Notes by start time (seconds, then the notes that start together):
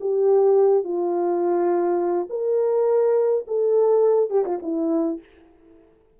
0.00 G4
0.83 F4
2.29 A#4
3.47 A4
4.30 G4
4.45 F4
4.62 E4